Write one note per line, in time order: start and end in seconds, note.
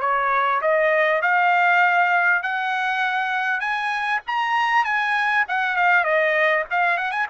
0.00 0.61 C#5
0.61 1.21 D#5
1.21 2.42 F5
2.42 3.60 F#5
3.60 4.20 G#5
4.27 4.84 A#5
4.84 5.45 G#5
5.48 5.76 F#5
5.76 6.04 F5
6.04 6.64 D#5
6.70 6.97 F5
6.97 7.11 F#5
7.11 7.26 G#5